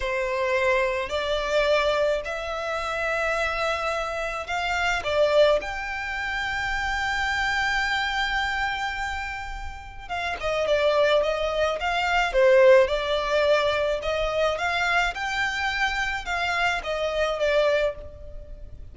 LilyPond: \new Staff \with { instrumentName = "violin" } { \time 4/4 \tempo 4 = 107 c''2 d''2 | e''1 | f''4 d''4 g''2~ | g''1~ |
g''2 f''8 dis''8 d''4 | dis''4 f''4 c''4 d''4~ | d''4 dis''4 f''4 g''4~ | g''4 f''4 dis''4 d''4 | }